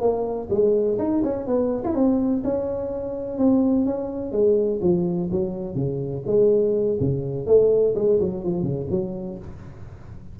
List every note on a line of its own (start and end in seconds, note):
0.00 0.48 A#3
0.50 0.98 G#3
0.98 1.22 D#4
1.23 1.46 C#4
1.46 1.82 B3
1.84 1.94 E4
1.94 2.42 C4
2.43 3.38 C#4
3.38 3.85 C4
3.85 4.32 C#4
4.32 4.80 G#3
4.81 5.29 F3
5.31 5.74 F#3
5.74 6.22 C#3
6.26 6.98 G#3
6.99 7.46 C#3
7.46 7.94 A3
7.95 8.19 G#3
8.19 8.43 F#3
8.43 8.62 F3
8.62 8.86 C#3
8.90 9.38 F#3